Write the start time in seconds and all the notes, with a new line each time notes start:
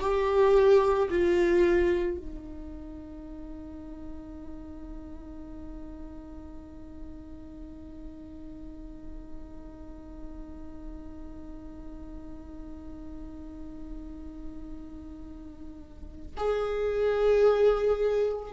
0.00 G4
1.11 F4
2.18 D#4
16.37 G#4